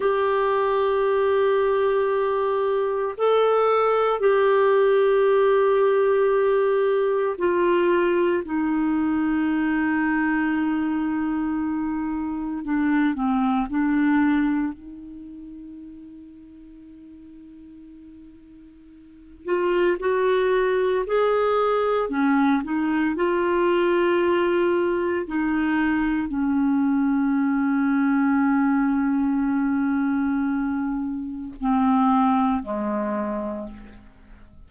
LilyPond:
\new Staff \with { instrumentName = "clarinet" } { \time 4/4 \tempo 4 = 57 g'2. a'4 | g'2. f'4 | dis'1 | d'8 c'8 d'4 dis'2~ |
dis'2~ dis'8 f'8 fis'4 | gis'4 cis'8 dis'8 f'2 | dis'4 cis'2.~ | cis'2 c'4 gis4 | }